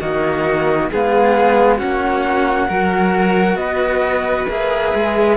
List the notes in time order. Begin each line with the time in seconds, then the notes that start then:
0.00 D#3 A#3 F#4 D#5
0.90 G#3 B3 G#4 F5
1.77 A#3 C#4 F#4 F#5
2.67 F#3 F#4 A#4
3.55 B3 B4 D#5
4.47 A#3 G#4 E5
4.94 G#3